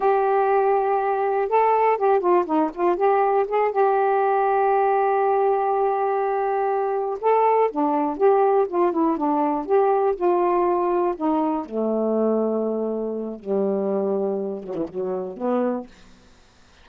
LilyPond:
\new Staff \with { instrumentName = "saxophone" } { \time 4/4 \tempo 4 = 121 g'2. a'4 | g'8 f'8 dis'8 f'8 g'4 gis'8 g'8~ | g'1~ | g'2~ g'8 a'4 d'8~ |
d'8 g'4 f'8 e'8 d'4 g'8~ | g'8 f'2 dis'4 a8~ | a2. g4~ | g4. fis16 e16 fis4 b4 | }